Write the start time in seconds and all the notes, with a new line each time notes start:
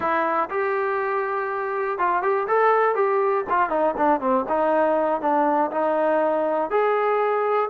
0.00 E4
0.50 G4
1.98 F4
2.22 G4
2.47 A4
2.95 G4
3.49 F4
3.69 D#4
3.97 D4
4.20 C4
4.48 D#4
5.21 D4
5.71 D#4
6.70 G#4